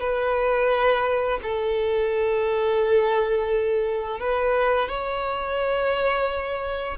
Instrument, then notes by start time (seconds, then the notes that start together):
violin
0.00 B4
1.43 A4
4.20 B4
4.89 C#5